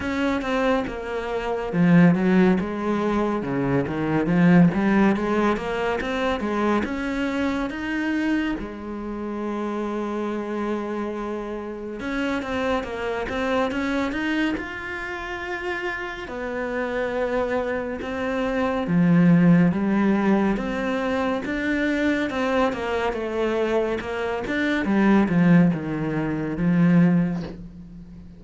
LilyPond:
\new Staff \with { instrumentName = "cello" } { \time 4/4 \tempo 4 = 70 cis'8 c'8 ais4 f8 fis8 gis4 | cis8 dis8 f8 g8 gis8 ais8 c'8 gis8 | cis'4 dis'4 gis2~ | gis2 cis'8 c'8 ais8 c'8 |
cis'8 dis'8 f'2 b4~ | b4 c'4 f4 g4 | c'4 d'4 c'8 ais8 a4 | ais8 d'8 g8 f8 dis4 f4 | }